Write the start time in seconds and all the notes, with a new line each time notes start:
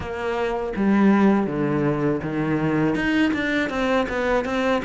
0.00 A#3
0.75 G3
1.46 D3
2.23 D#3
2.95 D#4
3.33 D4
3.69 C4
4.08 B3
4.44 C4